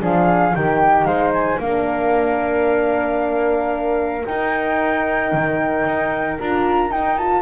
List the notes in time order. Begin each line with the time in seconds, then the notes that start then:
0.00 F3 D4 G#4 F5
0.55 D#3 D#4 G4 G5
1.05 G#3 C5 F5
1.34 G#5
1.59 A#3 D4 A#4 F5
4.26 D#4 G5
5.33 D#3
5.86 D#4
6.39 D4 F4 A#5
6.90 D#4 G5
7.18 F4 A5